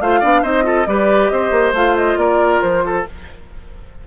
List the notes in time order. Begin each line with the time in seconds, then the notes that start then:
0.00 A3 F4 C5 F5
0.20 B3 D4 D5
0.42 C4 D#4 C5 D#5
0.63 F4 A4
0.86 G3 G4 B4 D5
1.29 C4 C5 D#5
1.51 A#3
1.73 A3 F4 F5
1.96 D#5
2.17 A#3 A#4 D5
2.61 F3 C5
2.85 A4